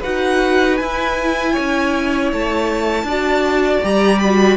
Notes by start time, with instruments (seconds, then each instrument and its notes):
0.00 cello D#4, viola F#4, violin B4 F#5
0.77 viola E4, cello E4, violin G#5
1.52 cello C#4, violin C#5
2.32 cello A3, violin A5
3.03 cello D4, viola F#4, violin D5
3.83 cello G3, viola G4, violin A#5
4.19 viola F#4, violin B5